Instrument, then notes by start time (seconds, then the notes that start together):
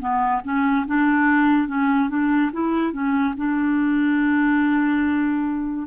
clarinet
0.00 B3
0.45 C#4
0.87 D4
1.68 C#4
2.10 D4
2.53 E4
2.93 C#4
3.37 D4